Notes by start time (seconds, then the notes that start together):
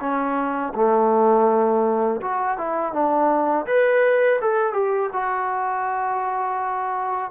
0.00 C#4
0.74 A3
2.21 F#4
2.57 E4
2.93 D4
3.66 B4
4.41 A4
4.73 G4
5.13 F#4